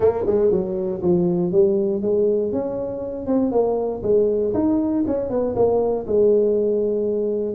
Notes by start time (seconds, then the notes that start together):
0.00 A#3
0.26 G#3
0.51 F#3
1.02 F3
1.51 G3
2.01 G#3
2.52 C#4
3.26 C4
3.51 A#3
4.02 G#3
4.54 D#4
5.07 C#4
5.29 B3
5.55 A#3
6.06 G#3